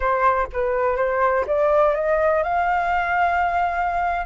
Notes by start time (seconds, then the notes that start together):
0.00 C5
0.52 B4
0.96 C5
1.46 D5
1.94 D#5
2.43 F5